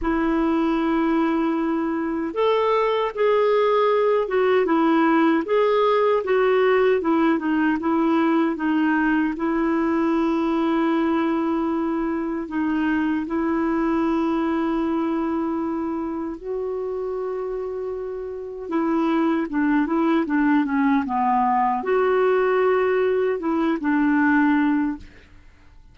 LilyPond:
\new Staff \with { instrumentName = "clarinet" } { \time 4/4 \tempo 4 = 77 e'2. a'4 | gis'4. fis'8 e'4 gis'4 | fis'4 e'8 dis'8 e'4 dis'4 | e'1 |
dis'4 e'2.~ | e'4 fis'2. | e'4 d'8 e'8 d'8 cis'8 b4 | fis'2 e'8 d'4. | }